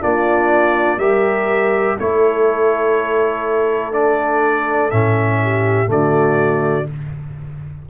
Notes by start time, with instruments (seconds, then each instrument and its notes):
0.00 tuba A#3, trombone D4, horn F4, trumpet D5
0.97 tuba G3, trombone G4, horn A#4, trumpet E5
1.97 tuba A3, trombone E4, horn A4, trumpet C#5
3.92 trombone D4, trumpet D5
4.91 tuba A2, trombone C#4, trumpet E5
5.42 horn G4
5.86 tuba D3, trombone A3, horn F#4, trumpet D5